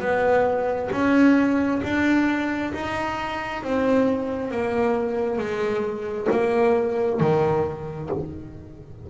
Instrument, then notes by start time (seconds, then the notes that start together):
double bass
0.00 B3
0.92 C#4
1.84 D4
2.74 D#4
3.64 C4
4.51 A#3
5.39 G#3
6.31 A#3
7.20 D#3